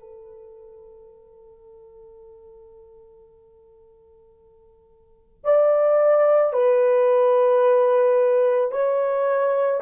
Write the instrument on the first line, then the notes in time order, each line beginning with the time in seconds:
horn
0.00 A4
5.44 D5
6.53 B4
8.71 C#5